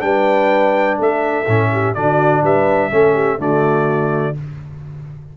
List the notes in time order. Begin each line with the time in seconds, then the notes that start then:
0.00 G3 D4 B4 G5
0.98 A3 A4 E5
1.47 A2 C#4
1.72 G4
1.94 D3 D4 F#4 D5
2.42 G3 B4 E5
2.90 A3 C#4 A4
3.13 G4
3.38 D3 A3 F#4 D5